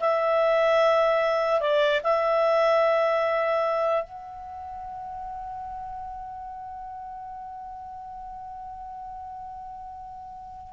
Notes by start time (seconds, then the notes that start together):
0.00 E5
1.61 D5
2.03 E5
4.04 F#5